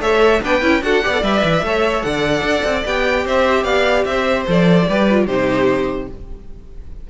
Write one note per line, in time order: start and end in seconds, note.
0.00 0.41 A3
0.00 0.42 A4
0.00 0.41 C#5
0.00 0.42 E5
0.42 0.62 B3
0.42 0.62 D4
0.42 0.84 B4
0.42 0.83 G5
0.62 0.82 C#4
0.62 0.82 E4
0.82 1.02 D4
0.82 1.03 F#4
0.82 1.04 A4
0.82 1.23 F#5
1.03 1.22 B3
1.03 1.13 G4
1.03 1.65 D5
1.13 1.23 A4
1.22 1.42 G3
1.22 1.64 B4
1.22 2.02 E5
1.43 1.62 E3
1.62 2.02 A3
1.62 2.86 A4
1.62 2.06 C#5
2.02 2.42 D3
2.02 3.25 D5
2.02 2.83 F#5
2.42 2.62 D4
2.64 2.84 C4
2.85 3.25 B3
2.85 4.47 G4
2.85 3.27 G5
3.25 3.64 C4
3.25 3.64 C5
3.25 3.64 E5
3.64 4.04 B3
3.64 4.04 D5
3.64 4.04 F5
4.05 4.46 C4
4.05 4.88 C5
4.05 4.46 E5
4.47 4.88 F3
4.47 4.87 A4
4.47 5.27 D5
4.88 5.27 G3
4.88 5.10 G4
4.88 5.26 B4
5.10 5.29 F4
5.26 6.08 C3
5.26 6.10 D#4
5.26 6.07 G4
5.26 6.08 C5